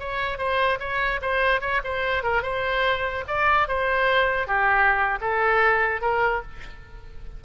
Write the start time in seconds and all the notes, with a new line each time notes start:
0.00 C#5
0.38 C5
0.80 C#5
1.22 C5
1.61 C#5
1.85 C5
2.24 A#4
2.43 C5
3.28 D5
3.68 C5
4.48 G4
5.21 A4
6.02 A#4